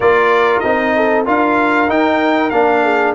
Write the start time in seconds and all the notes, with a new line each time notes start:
0.00 A#3 F4 A#4 D5
0.59 C4 D#4 D#5
0.96 A4
1.25 D4 F4 A#4 F5
1.88 D#4 G5
2.50 A#3 D4 F5
2.83 G#4